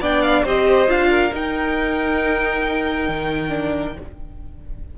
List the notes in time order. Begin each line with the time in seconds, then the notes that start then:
0.00 B3 D4 D5 G5
0.22 F5
0.44 C4 G4 C5 D#5
0.88 D4 F4 F5
1.10 A#4
1.32 D#4 G5
3.08 D#3
3.49 D4